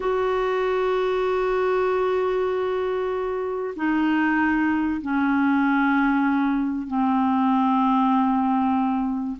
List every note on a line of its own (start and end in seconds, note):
0.00 3.74 F#4
3.76 5.01 D#4
5.01 6.87 C#4
6.87 9.37 C4